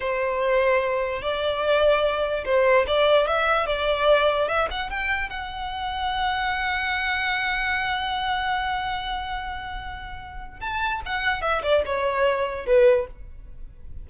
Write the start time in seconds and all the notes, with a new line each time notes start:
0.00 C5
1.22 D5
2.44 C5
2.87 D5
3.27 E5
3.66 D5
4.47 E5
4.71 F#5
4.89 G5
5.29 F#5
10.60 A5
11.05 F#5
11.41 E5
11.63 D5
11.85 C#5
12.66 B4